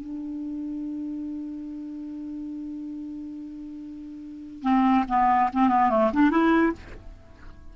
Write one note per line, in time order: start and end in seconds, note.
0.00 4.62 D4
4.62 5.05 C4
5.08 5.50 B3
5.53 5.69 C4
5.69 5.89 B3
5.89 6.11 A3
6.13 6.30 D4
6.30 6.72 E4